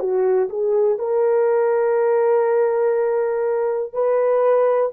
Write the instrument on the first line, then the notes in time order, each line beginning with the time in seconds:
horn
0.00 F#4
0.50 G#4
0.99 A#4
3.93 B4